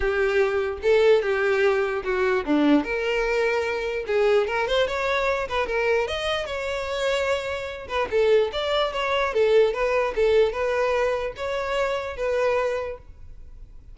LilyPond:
\new Staff \with { instrumentName = "violin" } { \time 4/4 \tempo 4 = 148 g'2 a'4 g'4~ | g'4 fis'4 d'4 ais'4~ | ais'2 gis'4 ais'8 c''8 | cis''4. b'8 ais'4 dis''4 |
cis''2.~ cis''8 b'8 | a'4 d''4 cis''4 a'4 | b'4 a'4 b'2 | cis''2 b'2 | }